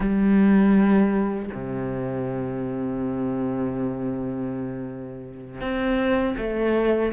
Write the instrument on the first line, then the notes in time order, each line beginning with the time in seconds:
cello
0.00 G3
1.53 C3
5.60 C4
6.37 A3